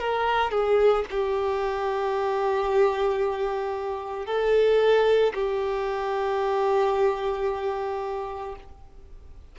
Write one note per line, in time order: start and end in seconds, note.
0.00 0.51 A#4
0.51 1.05 G#4
1.11 4.26 G4
4.26 5.33 A4
5.34 8.56 G4